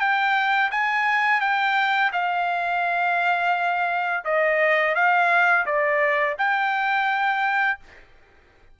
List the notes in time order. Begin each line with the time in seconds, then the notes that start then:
0.00 G5
0.71 G#5
1.41 G5
2.13 F5
4.25 D#5
4.95 F5
5.66 D5
6.39 G5